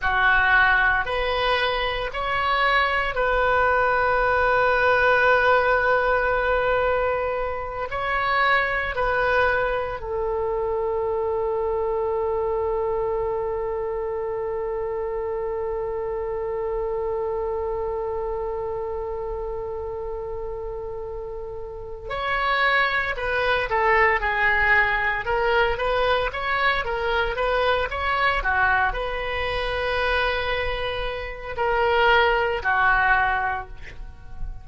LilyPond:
\new Staff \with { instrumentName = "oboe" } { \time 4/4 \tempo 4 = 57 fis'4 b'4 cis''4 b'4~ | b'2.~ b'8 cis''8~ | cis''8 b'4 a'2~ a'8~ | a'1~ |
a'1~ | a'4 cis''4 b'8 a'8 gis'4 | ais'8 b'8 cis''8 ais'8 b'8 cis''8 fis'8 b'8~ | b'2 ais'4 fis'4 | }